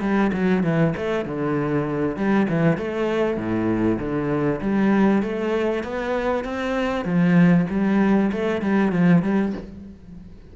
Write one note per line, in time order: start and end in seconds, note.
0.00 0.31 G3
0.33 0.63 F#3
0.63 0.94 E3
0.97 1.25 A3
1.25 2.16 D3
2.16 2.47 G3
2.49 2.77 E3
2.77 3.37 A3
3.37 3.98 A2
3.99 4.60 D3
4.61 5.22 G3
5.22 5.83 A3
5.83 6.44 B3
6.44 7.04 C4
7.04 7.66 F3
7.70 8.31 G3
8.32 8.61 A3
8.61 8.91 G3
8.91 9.22 F3
9.22 9.53 G3